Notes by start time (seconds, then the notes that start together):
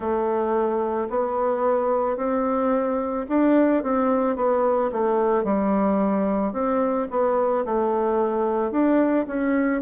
0.00 A3
1.09 B3
2.16 C4
3.28 D4
3.83 C4
4.36 B3
4.91 A3
5.43 G3
6.53 C4
7.10 B3
7.65 A3
8.71 D4
9.27 C#4